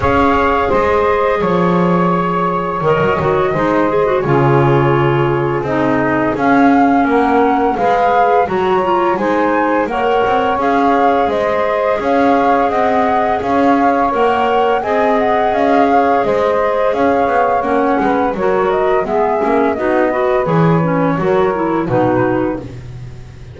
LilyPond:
<<
  \new Staff \with { instrumentName = "flute" } { \time 4/4 \tempo 4 = 85 f''4 dis''4 cis''2 | dis''2 cis''2 | dis''4 f''4 fis''4 f''4 | ais''4 gis''4 fis''4 f''4 |
dis''4 f''4 fis''4 f''4 | fis''4 gis''8 fis''8 f''4 dis''4 | f''4 fis''4 cis''8 dis''8 e''4 | dis''4 cis''2 b'4 | }
  \new Staff \with { instrumentName = "saxophone" } { \time 4/4 cis''4 c''4 cis''2~ | cis''4 c''4 gis'2~ | gis'2 ais'4 b'4 | cis''4 c''4 cis''2 |
c''4 cis''4 dis''4 cis''4~ | cis''4 dis''4. cis''8 c''4 | cis''4. b'8 ais'4 gis'4 | fis'8 b'4. ais'4 fis'4 | }
  \new Staff \with { instrumentName = "clarinet" } { \time 4/4 gis'1 | ais'8 fis'8 dis'8 gis'16 fis'16 f'2 | dis'4 cis'2 gis'4 | fis'8 f'8 dis'4 ais'4 gis'4~ |
gis'1 | ais'4 gis'2.~ | gis'4 cis'4 fis'4 b8 cis'8 | dis'8 fis'8 gis'8 cis'8 fis'8 e'8 dis'4 | }
  \new Staff \with { instrumentName = "double bass" } { \time 4/4 cis'4 gis4 f2 | dis16 fis16 dis8 gis4 cis2 | c'4 cis'4 ais4 gis4 | fis4 gis4 ais8 c'8 cis'4 |
gis4 cis'4 c'4 cis'4 | ais4 c'4 cis'4 gis4 | cis'8 b8 ais8 gis8 fis4 gis8 ais8 | b4 e4 fis4 b,4 | }
>>